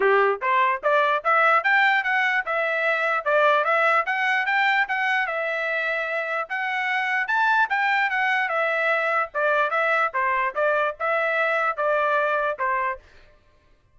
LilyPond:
\new Staff \with { instrumentName = "trumpet" } { \time 4/4 \tempo 4 = 148 g'4 c''4 d''4 e''4 | g''4 fis''4 e''2 | d''4 e''4 fis''4 g''4 | fis''4 e''2. |
fis''2 a''4 g''4 | fis''4 e''2 d''4 | e''4 c''4 d''4 e''4~ | e''4 d''2 c''4 | }